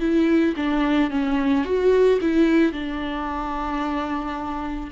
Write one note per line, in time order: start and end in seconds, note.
0.00 0.55 E4
0.57 1.11 D4
1.11 1.65 C#4
1.65 2.19 F#4
2.21 2.72 E4
2.72 4.91 D4